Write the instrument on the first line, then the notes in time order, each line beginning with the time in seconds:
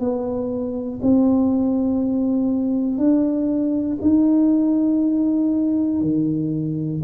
tuba
0.00 B3
1.02 C4
2.98 D4
4.01 D#4
6.01 D#3